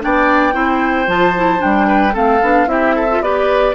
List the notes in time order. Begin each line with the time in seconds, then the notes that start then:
0.00 B3 D4 D5 G5
0.53 C4 E4 C5
1.07 F3 F4 A5
1.37 E4
1.58 D4 G5
1.64 G3
1.87 B4
2.14 A3 C4 A4 F5
2.42 B3 D4
2.67 C4 E4 G4 E5
2.95 A4
3.11 F4
3.21 B3 G4 B4 D5